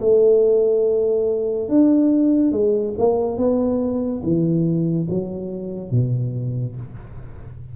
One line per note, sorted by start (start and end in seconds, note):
0.00 1.69 A3
1.69 2.52 D4
2.52 2.94 G#3
2.98 3.38 A#3
3.38 4.22 B3
4.23 5.07 E3
5.10 5.91 F#3
5.91 6.76 B2